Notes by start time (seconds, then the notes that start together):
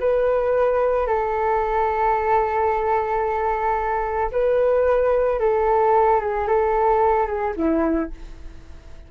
0.00 B4
1.07 A4
4.32 B4
5.39 A4
6.20 G#4
6.48 A4
7.27 G#4
7.56 E4